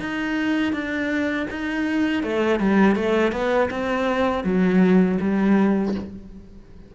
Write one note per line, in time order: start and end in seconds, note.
0.00 0.73 D#4
0.73 1.47 D4
1.51 2.24 D#4
2.24 2.60 A3
2.60 2.96 G3
2.96 3.33 A3
3.33 3.70 B3
3.71 4.44 C4
4.44 5.19 F#3
5.21 5.95 G3